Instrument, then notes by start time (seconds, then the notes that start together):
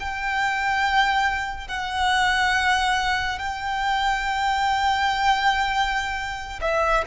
violin
0.00 G5
1.68 F#5
3.39 G5
6.62 E5